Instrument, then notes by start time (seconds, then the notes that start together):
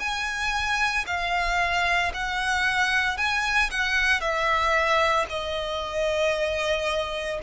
violin
0.00 G#5
1.07 F5
2.14 F#5
3.18 G#5
3.71 F#5
4.21 E5
5.30 D#5